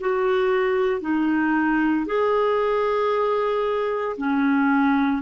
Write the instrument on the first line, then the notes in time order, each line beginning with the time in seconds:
clarinet
0.00 F#4
1.01 D#4
2.06 G#4
4.17 C#4